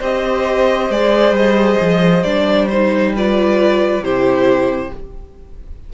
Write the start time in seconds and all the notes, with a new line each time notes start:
0.00 C4 G4 C5 D#5
0.90 G#3 G#4 D5
1.32 G3 D#5
1.81 F3
2.24 G3 D4 D5
2.69 D#4 C5
3.16 F4 B4 D5
4.01 C3 E4 G4 C5